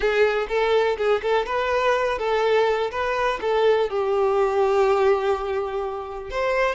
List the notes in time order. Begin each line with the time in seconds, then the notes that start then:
0.00 G#4
0.48 A4
0.97 G#4
1.22 A4
1.46 B4
2.18 A4
2.91 B4
3.41 A4
3.89 G4
6.30 C5